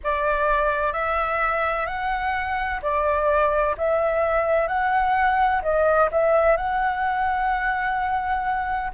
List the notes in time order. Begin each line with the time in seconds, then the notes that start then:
0.03 D5
0.92 E5
1.86 F#5
2.82 D5
3.78 E5
4.67 F#5
5.62 D#5
6.11 E5
6.56 F#5